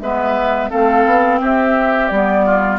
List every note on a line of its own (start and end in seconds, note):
0.00 0.70 G#3
0.00 0.70 B3
0.00 0.70 B4
0.00 0.70 E5
0.70 1.06 A3
0.70 2.09 C4
0.70 1.40 A4
0.70 1.40 F5
1.06 1.41 B3
1.41 2.10 C4
1.41 2.45 G4
1.41 2.08 E5
2.08 2.79 G3
2.08 2.79 B3
2.08 2.78 D5
2.45 2.79 F4